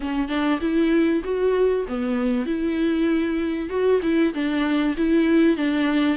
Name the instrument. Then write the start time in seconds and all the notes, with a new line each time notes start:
viola
0.00 C#4
0.28 D4
0.60 E4
1.24 F#4
1.88 B3
2.46 E4
3.69 F#4
4.02 E4
4.34 D4
4.97 E4
5.56 D4